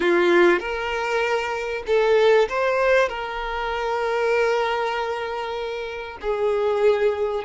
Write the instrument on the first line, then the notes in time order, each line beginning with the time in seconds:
violin
0.00 F4
0.59 A#4
1.86 A4
2.49 C5
3.08 A#4
6.21 G#4